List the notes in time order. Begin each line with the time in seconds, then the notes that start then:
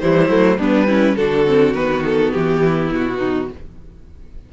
0.00 E3 G3 E4 C5
0.28 F#3 A3
0.58 G3 B3 D4 B4
0.87 C#4 E4
1.16 D3 D4 F#4 A4
1.47 C4
1.74 D#3 B3 B4
2.05 A4
2.33 E3 G4
2.65 E4
2.91 B2 F#4
3.18 D#4